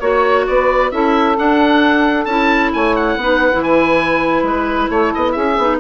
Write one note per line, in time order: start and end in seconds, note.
0.00 0.47 A#3
0.00 0.92 F#4
0.00 0.45 C#5
0.00 0.46 C#5
0.47 0.92 B3
0.47 0.93 B4
0.47 0.92 D5
0.92 1.38 C#4
0.92 1.36 E4
0.92 2.74 A4
0.92 1.37 E5
1.36 2.27 D4
1.36 2.26 D4
1.36 2.26 F#5
2.26 2.72 C#4
2.26 3.20 E4
2.26 2.71 A5
2.74 3.17 A3
2.74 3.19 C#5
2.74 2.96 G#5
2.96 3.64 F#5
3.17 3.51 B3
3.17 3.52 D#4
3.17 4.89 B4
3.52 4.43 E3
3.52 5.57 E4
3.64 4.43 G#5
4.43 4.88 G#3
4.43 4.91 B4
4.89 5.13 A3
4.89 5.33 A4
4.89 5.13 C#5
5.15 5.37 B3
5.15 5.32 D#5
5.32 5.58 C#4
5.32 5.79 G#4
5.32 5.78 E5
5.58 5.80 B3
5.58 5.80 D#4